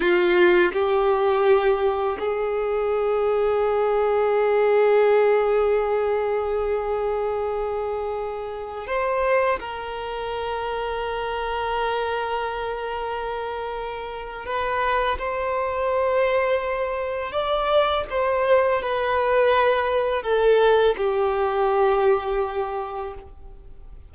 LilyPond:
\new Staff \with { instrumentName = "violin" } { \time 4/4 \tempo 4 = 83 f'4 g'2 gis'4~ | gis'1~ | gis'1~ | gis'16 c''4 ais'2~ ais'8.~ |
ais'1 | b'4 c''2. | d''4 c''4 b'2 | a'4 g'2. | }